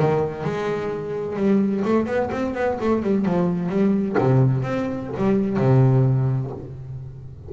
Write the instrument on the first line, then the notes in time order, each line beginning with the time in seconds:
double bass
0.00 D#3
0.45 G#3
1.37 G3
1.85 A3
2.07 B3
2.32 C4
2.55 B3
2.81 A3
3.03 G3
3.26 F3
3.70 G3
4.18 C3
4.63 C4
5.18 G3
5.58 C3